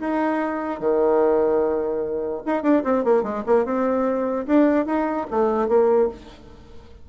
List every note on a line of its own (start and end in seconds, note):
0.00 0.80 D#4
0.80 2.42 D#3
2.46 2.63 D#4
2.63 2.83 D4
2.84 3.04 C4
3.05 3.23 A#3
3.23 3.44 G#3
3.47 3.65 A#3
3.65 4.46 C4
4.47 4.86 D4
4.86 5.27 D#4
5.31 5.68 A3
5.68 6.09 A#3